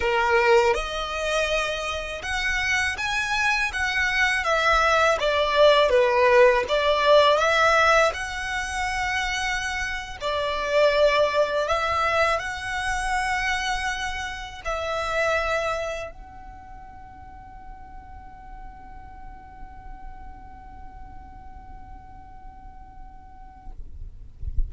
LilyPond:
\new Staff \with { instrumentName = "violin" } { \time 4/4 \tempo 4 = 81 ais'4 dis''2 fis''4 | gis''4 fis''4 e''4 d''4 | b'4 d''4 e''4 fis''4~ | fis''4.~ fis''16 d''2 e''16~ |
e''8. fis''2. e''16~ | e''4.~ e''16 fis''2~ fis''16~ | fis''1~ | fis''1 | }